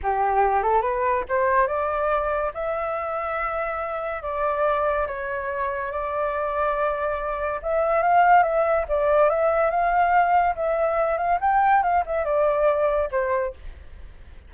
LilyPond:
\new Staff \with { instrumentName = "flute" } { \time 4/4 \tempo 4 = 142 g'4. a'8 b'4 c''4 | d''2 e''2~ | e''2 d''2 | cis''2 d''2~ |
d''2 e''4 f''4 | e''4 d''4 e''4 f''4~ | f''4 e''4. f''8 g''4 | f''8 e''8 d''2 c''4 | }